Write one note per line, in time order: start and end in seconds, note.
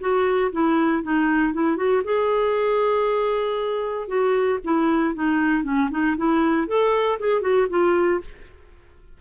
0.00 0.51 F#4
0.52 1.03 E4
1.03 1.53 D#4
1.53 1.76 E4
1.76 2.02 F#4
2.04 4.07 G#4
4.07 4.59 F#4
4.64 5.14 E4
5.14 5.63 D#4
5.63 5.89 C#4
5.91 6.16 D#4
6.17 6.67 E4
6.67 7.18 A4
7.19 7.41 G#4
7.41 7.67 F#4
7.69 8.21 F4